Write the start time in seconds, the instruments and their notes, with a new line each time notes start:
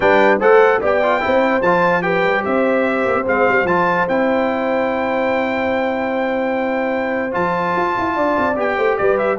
0.00 tuba G3, trombone D4, horn B4, trumpet G5
0.39 tuba A3, trombone A4, horn C5, trumpet F#5
0.80 tuba B3, trombone G4, horn D5, trumpet G5
1.02 trombone F4
1.20 tuba C4, trombone E4, horn C5
1.62 tuba F3, trombone F4, trumpet A5
2.01 trombone G4, horn B4, trumpet G5
2.23 tuba G3
2.44 tuba C4, horn C5, trumpet E5
3.05 tuba A#3
3.14 tuba C4
3.24 tuba G#3, trombone C4, trumpet F5
3.47 tuba G3
3.64 tuba F3, trombone F4, trumpet A5
4.08 tuba C4, trombone E4, trumpet G5
7.31 tuba F3, trombone F4, trumpet A5
7.76 tuba F4
7.98 tuba E4
8.15 tuba D4, horn D5
8.37 tuba C4
8.56 tuba B3, trombone G4, trumpet G5
8.76 tuba A3, horn C5
8.97 tuba G3, horn B4, trumpet D5
9.18 trumpet E5